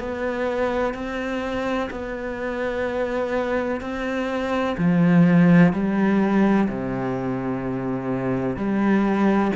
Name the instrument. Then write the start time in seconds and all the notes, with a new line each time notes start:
cello
0.00 B3
0.94 C4
1.91 B3
3.81 C4
4.77 F3
5.73 G3
6.68 C3
8.57 G3